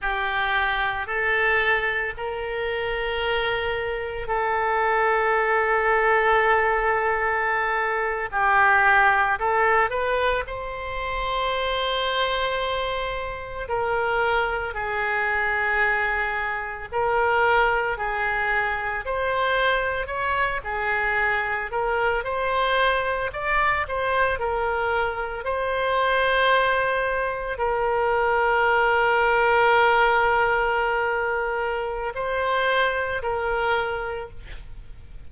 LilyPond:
\new Staff \with { instrumentName = "oboe" } { \time 4/4 \tempo 4 = 56 g'4 a'4 ais'2 | a'2.~ a'8. g'16~ | g'8. a'8 b'8 c''2~ c''16~ | c''8. ais'4 gis'2 ais'16~ |
ais'8. gis'4 c''4 cis''8 gis'8.~ | gis'16 ais'8 c''4 d''8 c''8 ais'4 c''16~ | c''4.~ c''16 ais'2~ ais'16~ | ais'2 c''4 ais'4 | }